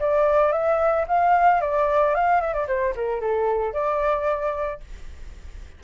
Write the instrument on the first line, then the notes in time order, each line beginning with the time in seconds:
flute
0.00 D5
0.53 E5
1.08 F5
1.62 D5
2.15 F5
2.42 E5
2.54 D5
2.68 C5
2.96 A#4
3.21 A4
3.74 D5